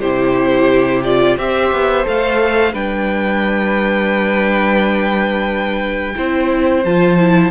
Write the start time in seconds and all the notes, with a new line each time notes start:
0.00 C3 E4 G4 C5
1.03 F4 D5
1.37 C4 G4 C5 E5
1.71 B3
2.04 A3 A4 F5
2.73 G3 D4 B4 G5
6.15 C4 E4 C5
6.84 F3 F4 A5
7.19 E4